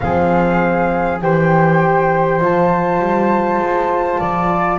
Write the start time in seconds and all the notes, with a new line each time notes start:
0.00 F3 C4 G#4 F5
1.21 E3 G4 C5 G5
2.40 F3 F4 A5
2.99 G3
3.58 G#3
4.19 F3 D5